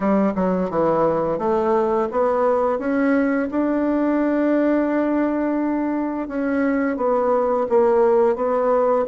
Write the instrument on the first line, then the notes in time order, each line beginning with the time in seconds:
bassoon
0.00 G3
0.35 F#3
0.69 E3
1.38 A3
2.11 B3
2.78 C#4
3.50 D4
6.28 C#4
6.96 B3
7.69 A#3
8.35 B3